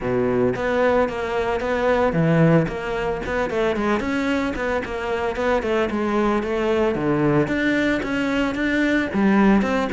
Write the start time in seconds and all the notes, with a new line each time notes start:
0.00 B2
0.55 B3
1.09 A#3
1.60 B3
2.13 E3
2.67 A#3
3.26 B3
3.49 A3
3.76 G#3
4.00 C#4
4.55 B3
4.84 A#3
5.35 B3
5.62 A3
5.90 G#3
6.43 A3
6.95 D3
7.47 D4
8.02 C#4
8.54 D4
9.13 G3
9.62 C4